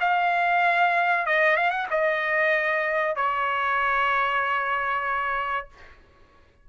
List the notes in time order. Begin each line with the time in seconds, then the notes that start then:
0.00 F5
1.26 D#5
1.56 F5
1.71 F#5
1.91 D#5
3.16 C#5